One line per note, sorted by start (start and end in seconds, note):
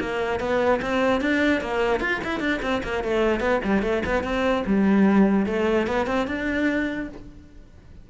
0.00 0.39 A#3
0.39 0.80 B3
0.81 1.21 C4
1.21 1.61 D4
1.61 2.00 A#3
2.00 2.20 F4
2.24 2.39 E4
2.39 2.60 D4
2.62 2.82 C4
2.83 3.03 A#3
3.04 3.40 A3
3.40 3.60 B3
3.64 3.82 G3
3.82 4.02 A3
4.05 4.23 B3
4.23 4.64 C4
4.66 5.46 G3
5.46 5.87 A3
5.87 6.06 B3
6.06 6.27 C4
6.27 7.08 D4